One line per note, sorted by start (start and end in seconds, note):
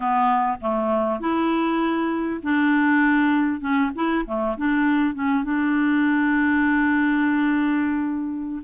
0.00 0.57 B3
0.61 1.20 A3
1.20 2.41 E4
2.42 3.60 D4
3.60 3.91 C#4
3.95 4.25 E4
4.26 4.56 A3
4.57 5.14 D4
5.14 5.44 C#4
5.44 8.62 D4